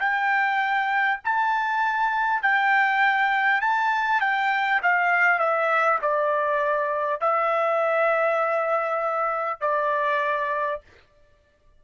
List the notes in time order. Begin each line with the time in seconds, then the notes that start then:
0.00 G5
1.24 A5
2.43 G5
3.61 A5
4.21 G5
4.83 F5
5.39 E5
6.02 D5
7.21 E5
9.61 D5